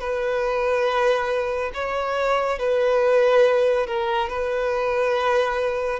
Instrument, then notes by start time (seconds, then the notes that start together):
violin
0.00 B4
1.74 C#5
2.58 B4
3.86 A#4
4.29 B4